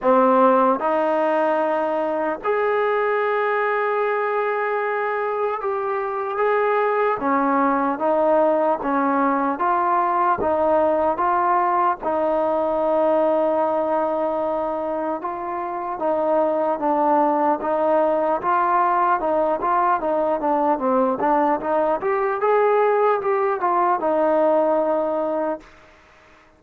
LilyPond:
\new Staff \with { instrumentName = "trombone" } { \time 4/4 \tempo 4 = 75 c'4 dis'2 gis'4~ | gis'2. g'4 | gis'4 cis'4 dis'4 cis'4 | f'4 dis'4 f'4 dis'4~ |
dis'2. f'4 | dis'4 d'4 dis'4 f'4 | dis'8 f'8 dis'8 d'8 c'8 d'8 dis'8 g'8 | gis'4 g'8 f'8 dis'2 | }